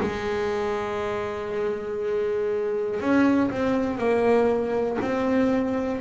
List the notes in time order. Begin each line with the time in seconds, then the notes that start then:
0.00 G#3
3.00 C#4
3.50 C4
3.97 A#3
5.01 C4